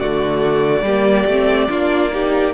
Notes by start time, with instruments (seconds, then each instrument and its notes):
0.00 cello D3, viola A3, violin F#4 D5
0.82 cello G3, viola A#3, violin G4
1.26 cello A3, viola C4
1.70 cello A#3, viola D4, violin F4
2.12 viola D#4, violin G4